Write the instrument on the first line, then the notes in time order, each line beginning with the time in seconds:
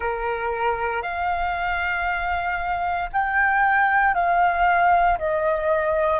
flute
0.00 A#4
1.02 F5
3.13 G5
4.14 F5
5.18 D#5